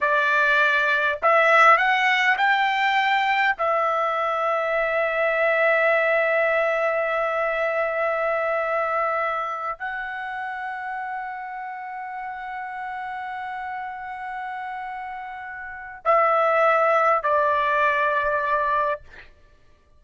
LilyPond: \new Staff \with { instrumentName = "trumpet" } { \time 4/4 \tempo 4 = 101 d''2 e''4 fis''4 | g''2 e''2~ | e''1~ | e''1~ |
e''8 fis''2.~ fis''8~ | fis''1~ | fis''2. e''4~ | e''4 d''2. | }